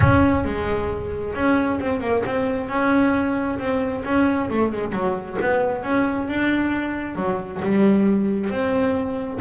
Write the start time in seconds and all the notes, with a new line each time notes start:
0.00 C#4
0.44 G#3
1.34 C#4
1.80 C4
2.00 A#3
2.26 C4
2.68 C#4
3.58 C4
4.04 C#4
4.50 A3
4.72 G#3
4.92 F#3
5.41 B3
5.83 C#4
6.28 D4
7.15 F#3
7.62 G3
8.50 C4